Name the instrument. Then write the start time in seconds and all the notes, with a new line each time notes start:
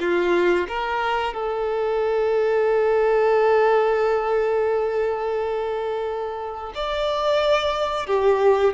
violin
0.00 F4
0.68 A#4
1.34 A4
6.75 D5
8.07 G4